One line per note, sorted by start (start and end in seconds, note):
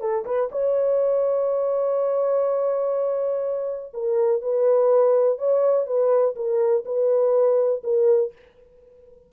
0.00 0.24 A4
0.25 0.49 B4
0.51 3.93 C#5
3.93 4.41 A#4
4.41 5.38 B4
5.38 5.86 C#5
5.86 6.35 B4
6.35 6.84 A#4
6.85 7.82 B4
7.83 8.32 A#4